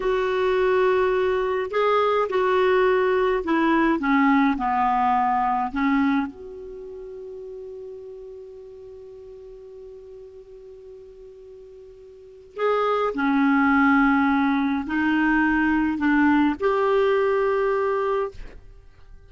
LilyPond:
\new Staff \with { instrumentName = "clarinet" } { \time 4/4 \tempo 4 = 105 fis'2. gis'4 | fis'2 e'4 cis'4 | b2 cis'4 fis'4~ | fis'1~ |
fis'1~ | fis'2 gis'4 cis'4~ | cis'2 dis'2 | d'4 g'2. | }